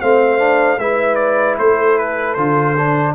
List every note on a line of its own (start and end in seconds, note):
0.00 0.78 A3
0.00 0.38 C4
0.00 0.79 C5
0.00 0.79 F5
0.38 0.78 D4
0.78 1.57 G#3
0.78 2.37 E4
0.78 1.59 B4
0.78 1.15 E5
1.15 1.54 D5
1.58 2.37 A3
1.58 3.14 A4
1.58 1.98 C5
1.98 2.34 B4
2.34 3.14 D3
2.34 2.76 F4
2.34 3.12 C5
2.77 3.14 D4